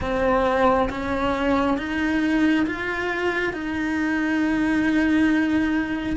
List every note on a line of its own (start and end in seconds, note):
0.00 0.89 C4
0.89 1.77 C#4
1.77 2.66 D#4
2.66 3.53 F4
3.53 6.16 D#4